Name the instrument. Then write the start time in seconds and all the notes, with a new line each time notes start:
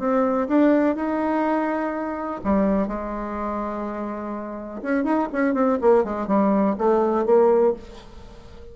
bassoon
0.00 C4
0.49 D4
0.96 D#4
2.45 G3
2.88 G#3
4.82 C#4
5.04 D#4
5.33 C#4
5.55 C4
5.82 A#3
6.04 G#3
6.28 G3
6.78 A3
7.26 A#3